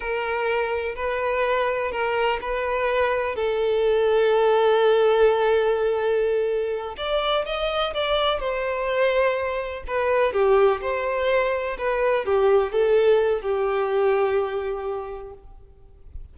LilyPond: \new Staff \with { instrumentName = "violin" } { \time 4/4 \tempo 4 = 125 ais'2 b'2 | ais'4 b'2 a'4~ | a'1~ | a'2~ a'8 d''4 dis''8~ |
dis''8 d''4 c''2~ c''8~ | c''8 b'4 g'4 c''4.~ | c''8 b'4 g'4 a'4. | g'1 | }